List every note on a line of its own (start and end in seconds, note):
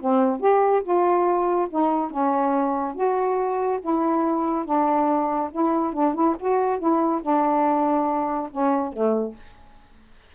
0.00 0.39 C4
0.39 0.82 G4
0.83 1.68 F4
1.70 2.10 D#4
2.10 2.94 C#4
2.94 3.79 F#4
3.81 4.65 E4
4.65 5.50 D4
5.51 5.93 E4
5.93 6.14 D4
6.14 6.35 E4
6.39 6.78 F#4
6.78 7.21 E4
7.22 8.49 D4
8.51 8.92 C#4
8.92 9.35 A3